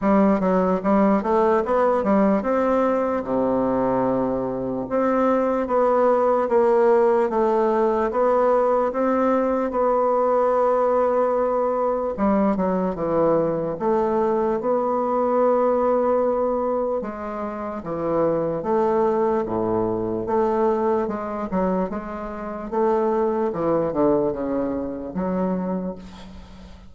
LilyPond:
\new Staff \with { instrumentName = "bassoon" } { \time 4/4 \tempo 4 = 74 g8 fis8 g8 a8 b8 g8 c'4 | c2 c'4 b4 | ais4 a4 b4 c'4 | b2. g8 fis8 |
e4 a4 b2~ | b4 gis4 e4 a4 | a,4 a4 gis8 fis8 gis4 | a4 e8 d8 cis4 fis4 | }